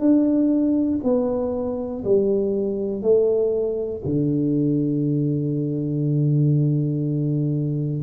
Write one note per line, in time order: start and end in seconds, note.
0.00 1.00 D4
1.04 2.04 B3
2.04 3.02 G3
3.02 4.02 A3
4.05 8.03 D3